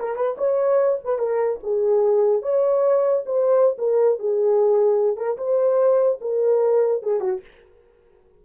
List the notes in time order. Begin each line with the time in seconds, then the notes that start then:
0.00 A#4
0.16 B4
0.38 C#5
1.05 B4
1.19 A#4
1.63 G#4
2.43 C#5
3.26 C5
3.78 A#4
4.19 G#4
5.17 A#4
5.38 C5
6.22 A#4
7.03 G#4
7.21 F#4